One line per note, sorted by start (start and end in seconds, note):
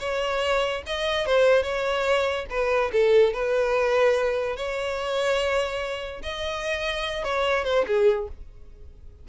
0.00 0.83 C#5
0.87 1.26 D#5
1.26 1.63 C5
1.63 2.46 C#5
2.50 2.92 B4
2.93 3.33 A4
3.33 4.57 B4
4.57 6.22 C#5
6.23 7.25 D#5
7.25 7.65 C#5
7.65 7.85 C5
7.87 8.28 G#4